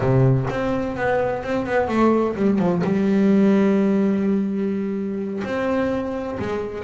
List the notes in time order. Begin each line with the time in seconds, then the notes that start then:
0.00 C3
0.49 C4
0.96 B3
1.43 C4
1.66 B3
1.88 A3
2.35 G3
2.59 F3
2.83 G3
5.44 C4
6.39 G#3